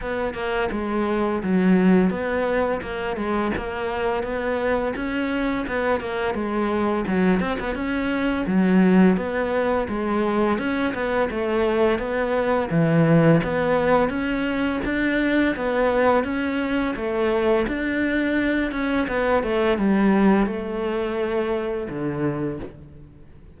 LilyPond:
\new Staff \with { instrumentName = "cello" } { \time 4/4 \tempo 4 = 85 b8 ais8 gis4 fis4 b4 | ais8 gis8 ais4 b4 cis'4 | b8 ais8 gis4 fis8 c'16 b16 cis'4 | fis4 b4 gis4 cis'8 b8 |
a4 b4 e4 b4 | cis'4 d'4 b4 cis'4 | a4 d'4. cis'8 b8 a8 | g4 a2 d4 | }